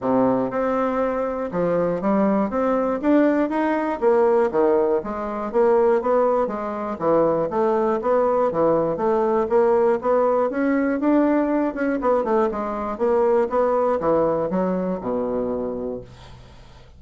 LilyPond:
\new Staff \with { instrumentName = "bassoon" } { \time 4/4 \tempo 4 = 120 c4 c'2 f4 | g4 c'4 d'4 dis'4 | ais4 dis4 gis4 ais4 | b4 gis4 e4 a4 |
b4 e4 a4 ais4 | b4 cis'4 d'4. cis'8 | b8 a8 gis4 ais4 b4 | e4 fis4 b,2 | }